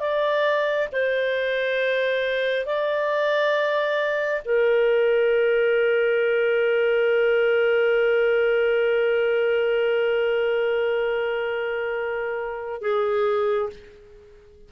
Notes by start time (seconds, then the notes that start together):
0.00 D5
0.93 C5
2.66 D5
4.45 A#4
12.81 G#4